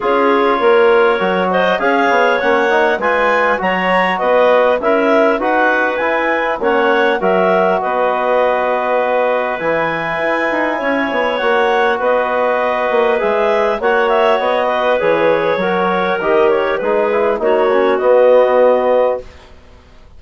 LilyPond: <<
  \new Staff \with { instrumentName = "clarinet" } { \time 4/4 \tempo 4 = 100 cis''2~ cis''8 dis''8 f''4 | fis''4 gis''4 ais''4 dis''4 | e''4 fis''4 gis''4 fis''4 | e''4 dis''2. |
gis''2. fis''4 | dis''2 e''4 fis''8 e''8 | dis''4 cis''2 dis''8 cis''8 | b'4 cis''4 dis''2 | }
  \new Staff \with { instrumentName = "clarinet" } { \time 4/4 gis'4 ais'4. c''8 cis''4~ | cis''4 b'4 cis''4 b'4 | ais'4 b'2 cis''4 | ais'4 b'2.~ |
b'2 cis''2 | b'2. cis''4~ | cis''8 b'4. ais'2 | gis'4 fis'2. | }
  \new Staff \with { instrumentName = "trombone" } { \time 4/4 f'2 fis'4 gis'4 | cis'8 dis'8 f'4 fis'2 | e'4 fis'4 e'4 cis'4 | fis'1 |
e'2. fis'4~ | fis'2 gis'4 fis'4~ | fis'4 gis'4 fis'4 g'4 | dis'8 e'8 dis'8 cis'8 b2 | }
  \new Staff \with { instrumentName = "bassoon" } { \time 4/4 cis'4 ais4 fis4 cis'8 b8 | ais4 gis4 fis4 b4 | cis'4 dis'4 e'4 ais4 | fis4 b2. |
e4 e'8 dis'8 cis'8 b8 ais4 | b4. ais8 gis4 ais4 | b4 e4 fis4 dis4 | gis4 ais4 b2 | }
>>